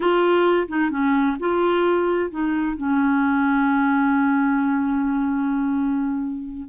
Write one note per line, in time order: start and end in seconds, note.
0.00 0.67 F4
0.67 0.90 D#4
0.90 1.36 C#4
1.39 2.30 F4
2.30 2.76 D#4
2.76 6.68 C#4